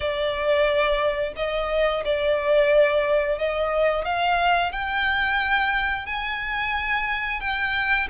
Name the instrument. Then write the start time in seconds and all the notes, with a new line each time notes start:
violin
0.00 D5
1.36 D#5
2.04 D5
3.38 D#5
4.04 F5
4.72 G5
6.06 G#5
7.40 G5